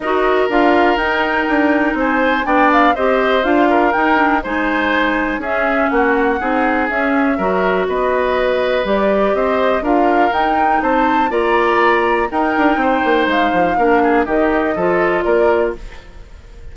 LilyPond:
<<
  \new Staff \with { instrumentName = "flute" } { \time 4/4 \tempo 4 = 122 dis''4 f''4 g''2 | gis''4 g''8 f''8 dis''4 f''4 | g''4 gis''2 e''4 | fis''2 e''2 |
dis''2 d''4 dis''4 | f''4 g''4 a''4 ais''4~ | ais''4 g''2 f''4~ | f''4 dis''2 d''4 | }
  \new Staff \with { instrumentName = "oboe" } { \time 4/4 ais'1 | c''4 d''4 c''4. ais'8~ | ais'4 c''2 gis'4 | fis'4 gis'2 ais'4 |
b'2. c''4 | ais'2 c''4 d''4~ | d''4 ais'4 c''2 | ais'8 gis'8 g'4 a'4 ais'4 | }
  \new Staff \with { instrumentName = "clarinet" } { \time 4/4 fis'4 f'4 dis'2~ | dis'4 d'4 g'4 f'4 | dis'8 d'8 dis'2 cis'4~ | cis'4 dis'4 cis'4 fis'4~ |
fis'2 g'2 | f'4 dis'2 f'4~ | f'4 dis'2. | d'4 dis'4 f'2 | }
  \new Staff \with { instrumentName = "bassoon" } { \time 4/4 dis'4 d'4 dis'4 d'4 | c'4 b4 c'4 d'4 | dis'4 gis2 cis'4 | ais4 c'4 cis'4 fis4 |
b2 g4 c'4 | d'4 dis'4 c'4 ais4~ | ais4 dis'8 d'8 c'8 ais8 gis8 f8 | ais4 dis4 f4 ais4 | }
>>